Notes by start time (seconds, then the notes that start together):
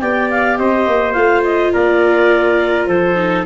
0.00 B3 G4 D5 G5
0.30 F5
0.57 C4 C5 D#5
0.87 A#3
1.13 A3 F4 F5
1.44 D#5
1.72 A#3 A#4 D5
2.86 F3 A4 C5
3.15 D#4